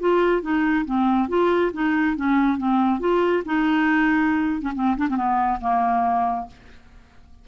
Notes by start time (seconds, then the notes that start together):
0.00 F4
0.42 D#4
0.86 C4
1.29 F4
1.73 D#4
2.16 C#4
2.58 C4
3.00 F4
3.46 D#4
4.62 C#4
4.75 C4
4.97 D4
5.10 C4
5.17 B3
5.61 A#3